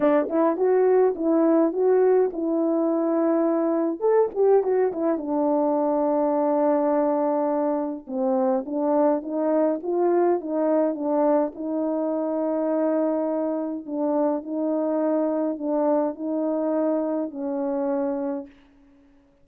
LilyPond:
\new Staff \with { instrumentName = "horn" } { \time 4/4 \tempo 4 = 104 d'8 e'8 fis'4 e'4 fis'4 | e'2. a'8 g'8 | fis'8 e'8 d'2.~ | d'2 c'4 d'4 |
dis'4 f'4 dis'4 d'4 | dis'1 | d'4 dis'2 d'4 | dis'2 cis'2 | }